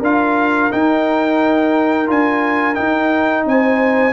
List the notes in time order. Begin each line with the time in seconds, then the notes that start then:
0.00 D4 F4 A#4 F5
0.71 D#4 G5
2.07 D4 F4 G#5
2.75 D#4 G5
3.46 C4 C5 G#5